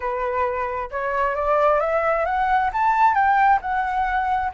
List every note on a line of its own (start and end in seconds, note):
0.00 0.90 B4
0.90 1.35 C#5
1.35 1.80 D5
1.80 2.25 E5
2.25 2.70 F#5
2.72 3.14 A5
3.14 3.59 G5
3.61 4.52 F#5